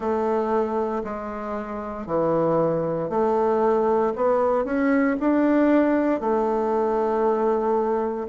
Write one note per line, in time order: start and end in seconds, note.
0.00 1.03 A3
1.03 2.06 G#3
2.06 3.09 E3
3.09 4.13 A3
4.15 4.64 B3
4.64 5.16 C#4
5.20 6.20 D4
6.20 8.27 A3